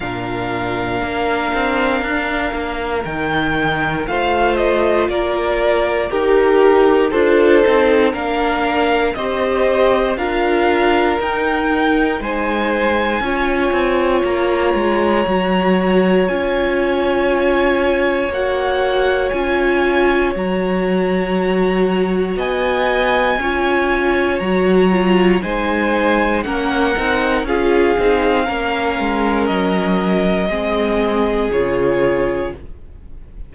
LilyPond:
<<
  \new Staff \with { instrumentName = "violin" } { \time 4/4 \tempo 4 = 59 f''2. g''4 | f''8 dis''8 d''4 ais'4 c''4 | f''4 dis''4 f''4 g''4 | gis''2 ais''2 |
gis''2 fis''4 gis''4 | ais''2 gis''2 | ais''4 gis''4 fis''4 f''4~ | f''4 dis''2 cis''4 | }
  \new Staff \with { instrumentName = "violin" } { \time 4/4 ais'1 | c''4 ais'4 g'4 a'4 | ais'4 c''4 ais'2 | c''4 cis''2.~ |
cis''1~ | cis''2 dis''4 cis''4~ | cis''4 c''4 ais'4 gis'4 | ais'2 gis'2 | }
  \new Staff \with { instrumentName = "viola" } { \time 4/4 d'2. dis'4 | f'2 g'4 f'8 dis'8 | d'4 g'4 f'4 dis'4~ | dis'4 f'2 fis'4 |
f'2 fis'4 f'4 | fis'2. f'4 | fis'8 f'8 dis'4 cis'8 dis'8 f'8 dis'8 | cis'2 c'4 f'4 | }
  \new Staff \with { instrumentName = "cello" } { \time 4/4 ais,4 ais8 c'8 d'8 ais8 dis4 | a4 ais4 dis'4 d'8 c'8 | ais4 c'4 d'4 dis'4 | gis4 cis'8 c'8 ais8 gis8 fis4 |
cis'2 ais4 cis'4 | fis2 b4 cis'4 | fis4 gis4 ais8 c'8 cis'8 c'8 | ais8 gis8 fis4 gis4 cis4 | }
>>